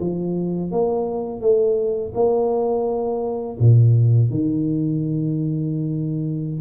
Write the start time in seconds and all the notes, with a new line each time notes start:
0.00 F3
0.71 A#3
1.41 A3
2.15 A#3
3.59 A#2
4.30 D#3